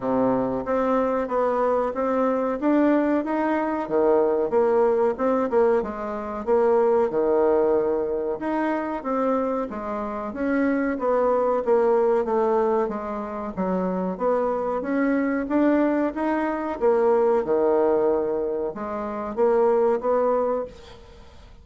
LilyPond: \new Staff \with { instrumentName = "bassoon" } { \time 4/4 \tempo 4 = 93 c4 c'4 b4 c'4 | d'4 dis'4 dis4 ais4 | c'8 ais8 gis4 ais4 dis4~ | dis4 dis'4 c'4 gis4 |
cis'4 b4 ais4 a4 | gis4 fis4 b4 cis'4 | d'4 dis'4 ais4 dis4~ | dis4 gis4 ais4 b4 | }